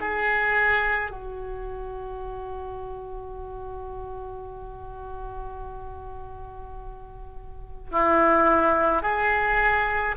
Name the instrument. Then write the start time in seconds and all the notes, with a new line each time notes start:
oboe
0.00 G#4
1.10 F#4
7.91 E4
9.02 G#4